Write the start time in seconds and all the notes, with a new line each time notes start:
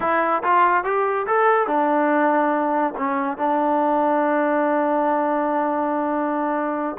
0.00 E4
0.43 F4
0.84 G4
1.26 A4
1.67 D4
2.97 C#4
3.37 D4